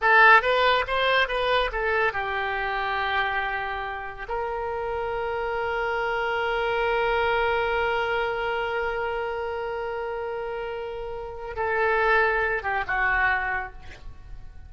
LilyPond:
\new Staff \with { instrumentName = "oboe" } { \time 4/4 \tempo 4 = 140 a'4 b'4 c''4 b'4 | a'4 g'2.~ | g'2 ais'2~ | ais'1~ |
ais'1~ | ais'1~ | ais'2. a'4~ | a'4. g'8 fis'2 | }